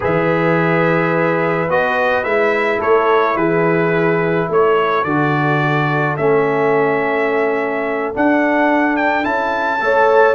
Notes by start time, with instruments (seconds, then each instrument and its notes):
0.00 tuba E3, trombone G#4, horn B4, trumpet E5
1.68 tuba B3, trombone F#4, trumpet D#5
2.24 tuba G#3, trombone E4, trumpet E5
2.79 tuba A3, horn A4, trumpet C#5
3.36 tuba E3, horn G#4, trumpet B4
4.49 tuba A3, horn A4, trumpet C#5
5.04 tuba D3, trombone F#4, trumpet D5
6.16 tuba A3, trombone C#4, trumpet E5
8.14 trombone D4, tuba D4, trumpet F#5
8.96 trumpet G5
9.23 tuba C#4, trombone E4, trumpet A5
9.80 tuba A3, trombone A4, horn C#5